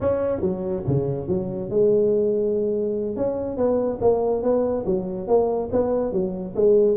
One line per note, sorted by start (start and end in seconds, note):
0.00 0.41 C#4
0.41 0.83 F#3
0.87 1.28 C#3
1.28 1.70 F#3
1.70 3.16 G#3
3.16 3.57 C#4
3.57 3.99 B3
4.01 4.42 A#3
4.42 4.85 B3
4.85 5.27 F#3
5.27 5.69 A#3
5.72 6.12 B3
6.12 6.54 F#3
6.55 6.97 G#3